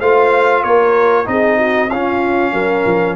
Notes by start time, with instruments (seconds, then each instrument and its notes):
0.00 tuba A3, trombone F4, horn C5, trumpet F5
0.64 tuba A#3, horn A#4, trumpet C#5
1.26 tuba C4, trombone D#4, horn G#4, trumpet D#5
1.59 horn F#4
1.90 tuba C#4, trombone C#4, horn F4, trumpet F5
2.53 tuba F#3, horn A#4
2.86 tuba F3